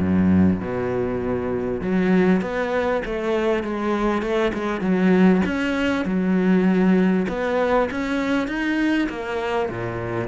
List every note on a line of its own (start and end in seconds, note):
0.00 0.60 F#2
0.60 1.82 B2
1.82 2.42 F#3
2.42 3.02 B3
3.05 3.63 A3
3.63 4.22 G#3
4.22 4.52 A3
4.54 4.81 G#3
4.81 5.42 F#3
5.46 6.06 C#4
6.06 7.27 F#3
7.29 7.89 B3
7.91 8.48 C#4
8.48 9.08 D#4
9.09 9.69 A#3
9.69 10.28 A#2